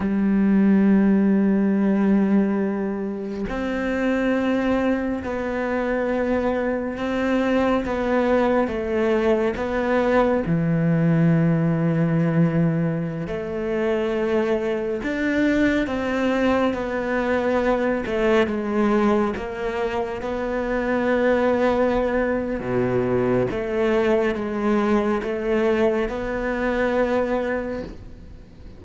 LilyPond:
\new Staff \with { instrumentName = "cello" } { \time 4/4 \tempo 4 = 69 g1 | c'2 b2 | c'4 b4 a4 b4 | e2.~ e16 a8.~ |
a4~ a16 d'4 c'4 b8.~ | b8. a8 gis4 ais4 b8.~ | b2 b,4 a4 | gis4 a4 b2 | }